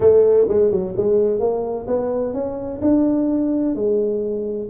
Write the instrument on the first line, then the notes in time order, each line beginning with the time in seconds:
tuba
0.00 A3
0.48 G#3
0.71 F#3
0.96 G#3
1.39 A#3
1.87 B3
2.33 C#4
2.81 D4
3.75 G#3